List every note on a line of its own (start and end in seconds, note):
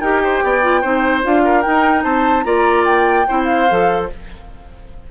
0.00 0.42 D#4
0.00 0.62 G4
0.00 0.21 A#4
0.00 1.22 G5
0.24 0.44 C5
0.44 0.84 B3
0.44 0.82 D5
0.62 0.83 F4
0.82 1.24 C4
0.82 1.23 D#4
0.82 1.42 C5
1.23 1.66 D4
1.23 1.64 F4
1.23 1.62 F5
1.45 2.04 A#4
1.62 2.44 D#4
1.62 2.04 D#4
1.62 2.02 G5
2.04 2.45 C4
2.04 2.44 C5
2.04 2.44 A5
2.44 3.26 A#3
2.44 3.25 F4
2.44 3.27 D5
2.44 2.84 A#5
2.85 3.44 G5
3.28 3.71 C4
3.28 3.69 E4
3.28 4.09 C5
3.44 4.04 F5
3.69 4.11 F3
3.69 4.10 A4